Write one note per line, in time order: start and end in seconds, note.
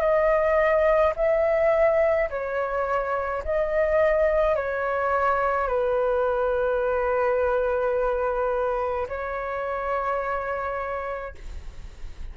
0.00 1.13 D#5
1.16 2.29 E5
2.30 3.43 C#5
3.44 4.55 D#5
4.55 5.67 C#5
5.67 9.07 B4
9.08 11.35 C#5